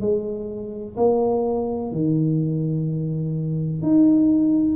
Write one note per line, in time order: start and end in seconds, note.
0.00 0.95 G#3
0.96 1.91 A#3
1.91 3.82 D#3
3.82 4.75 D#4